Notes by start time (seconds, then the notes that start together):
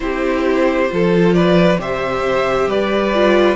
0.00 C4 E4 G4 C5
0.88 F3 F4 A4
1.33 B4 D5
1.78 C3 G4 C5 E5
2.66 G3 B4 D5
3.14 F4